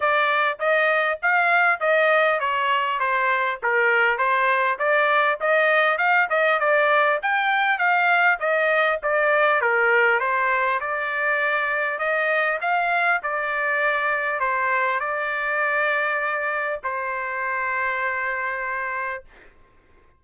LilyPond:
\new Staff \with { instrumentName = "trumpet" } { \time 4/4 \tempo 4 = 100 d''4 dis''4 f''4 dis''4 | cis''4 c''4 ais'4 c''4 | d''4 dis''4 f''8 dis''8 d''4 | g''4 f''4 dis''4 d''4 |
ais'4 c''4 d''2 | dis''4 f''4 d''2 | c''4 d''2. | c''1 | }